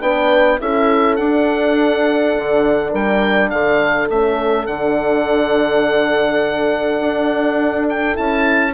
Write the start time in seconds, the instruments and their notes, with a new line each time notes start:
0.00 bassoon B3, horn D4 B4, oboe G5
0.58 bassoon C#4, horn E4 A4, oboe E5
1.15 horn D4, bassoon D4, oboe F#5
2.37 bassoon D3
2.91 bassoon G3, horn A#4, oboe G5
3.50 bassoon D3, horn A4, oboe F5
4.09 bassoon A3, horn C#4, oboe E5
4.66 bassoon D3, horn D4, oboe F#5
7.00 bassoon D4
7.89 oboe G5
8.13 bassoon C#4, horn E4, oboe A5